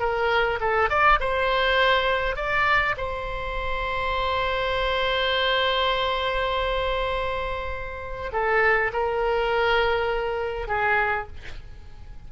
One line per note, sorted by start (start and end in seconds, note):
0.00 0.59 A#4
0.61 0.90 A4
0.90 1.20 D5
1.20 2.36 C5
2.36 2.96 D5
2.98 8.32 C5
8.33 8.92 A4
8.93 10.68 A#4
10.68 11.28 G#4